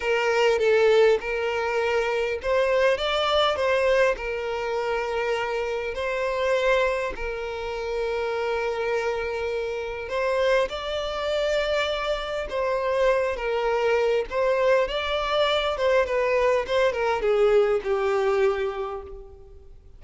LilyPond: \new Staff \with { instrumentName = "violin" } { \time 4/4 \tempo 4 = 101 ais'4 a'4 ais'2 | c''4 d''4 c''4 ais'4~ | ais'2 c''2 | ais'1~ |
ais'4 c''4 d''2~ | d''4 c''4. ais'4. | c''4 d''4. c''8 b'4 | c''8 ais'8 gis'4 g'2 | }